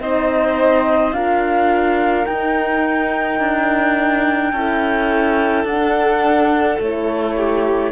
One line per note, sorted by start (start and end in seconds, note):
0.00 1.12 C4
0.00 1.14 D#4
0.00 1.15 C5
0.00 1.13 D#5
1.12 2.26 D4
1.12 2.27 F4
1.12 4.52 A#4
1.12 2.25 F5
2.25 3.40 D#4
2.25 4.55 D#4
2.25 5.65 G5
3.40 4.53 D4
4.52 5.64 C#4
4.52 5.68 E4
4.52 7.35 A4
5.64 6.78 D4
5.64 6.80 F#5
5.71 6.83 D4
6.80 7.92 A3
6.80 7.92 E4
6.80 7.92 C#5
7.37 7.92 G4